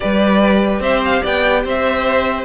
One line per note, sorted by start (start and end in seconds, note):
0.00 0.80 G3
0.00 2.44 G4
0.00 0.81 B4
0.00 0.80 D5
0.80 1.21 C4
0.80 1.21 C5
0.80 1.03 E5
1.04 1.25 F5
1.21 1.64 B3
1.21 1.62 D5
1.21 1.67 G5
1.64 2.44 C4
1.64 2.44 C5
1.64 2.44 E5